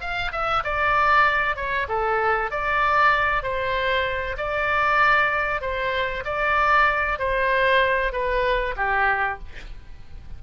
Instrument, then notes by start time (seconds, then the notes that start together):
oboe
0.00 F5
0.32 E5
0.64 D5
1.56 C#5
1.88 A4
2.51 D5
3.42 C5
4.37 D5
5.61 C5
6.25 D5
7.18 C5
8.12 B4
8.76 G4